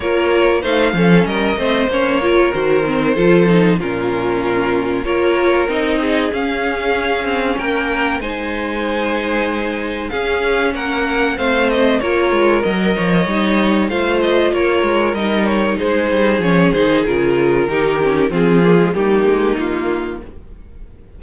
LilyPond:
<<
  \new Staff \with { instrumentName = "violin" } { \time 4/4 \tempo 4 = 95 cis''4 f''4 dis''4 cis''4 | c''2 ais'2 | cis''4 dis''4 f''2 | g''4 gis''2. |
f''4 fis''4 f''8 dis''8 cis''4 | dis''2 f''8 dis''8 cis''4 | dis''8 cis''8 c''4 cis''8 c''8 ais'4~ | ais'4 gis'4 g'4 f'4 | }
  \new Staff \with { instrumentName = "violin" } { \time 4/4 ais'4 c''8 a'8 ais'8 c''4 ais'8~ | ais'4 a'4 f'2 | ais'4. gis'2~ gis'8 | ais'4 c''2. |
gis'4 ais'4 c''4 ais'4~ | ais'8 cis''4. c''4 ais'4~ | ais'4 gis'2. | g'4 f'4 dis'2 | }
  \new Staff \with { instrumentName = "viola" } { \time 4/4 f'4 dis'8 cis'4 c'8 cis'8 f'8 | fis'8 c'8 f'8 dis'8 cis'2 | f'4 dis'4 cis'2~ | cis'4 dis'2. |
cis'2 c'4 f'4 | ais'4 dis'4 f'2 | dis'2 cis'8 dis'8 f'4 | dis'8 cis'8 c'8 ais16 gis16 ais2 | }
  \new Staff \with { instrumentName = "cello" } { \time 4/4 ais4 a8 f8 g8 a8 ais4 | dis4 f4 ais,2 | ais4 c'4 cis'4. c'8 | ais4 gis2. |
cis'4 ais4 a4 ais8 gis8 | fis8 f8 g4 a4 ais8 gis8 | g4 gis8 g8 f8 dis8 cis4 | dis4 f4 g8 gis8 ais4 | }
>>